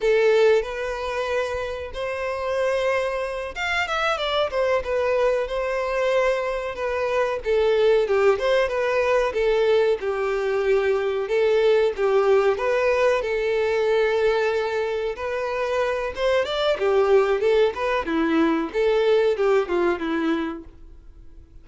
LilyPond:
\new Staff \with { instrumentName = "violin" } { \time 4/4 \tempo 4 = 93 a'4 b'2 c''4~ | c''4. f''8 e''8 d''8 c''8 b'8~ | b'8 c''2 b'4 a'8~ | a'8 g'8 c''8 b'4 a'4 g'8~ |
g'4. a'4 g'4 b'8~ | b'8 a'2. b'8~ | b'4 c''8 d''8 g'4 a'8 b'8 | e'4 a'4 g'8 f'8 e'4 | }